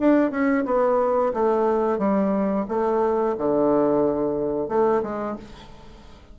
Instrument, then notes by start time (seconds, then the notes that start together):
bassoon
0.00 D4
0.31 C#4
0.66 B3
1.34 A3
1.99 G3
2.69 A3
3.38 D3
4.69 A3
5.03 G#3